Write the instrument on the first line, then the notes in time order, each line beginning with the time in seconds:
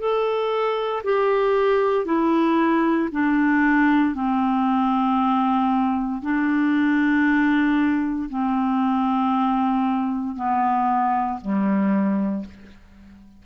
clarinet
0.00 A4
1.04 G4
2.06 E4
3.12 D4
4.15 C4
6.23 D4
8.30 C4
10.36 B3
11.42 G3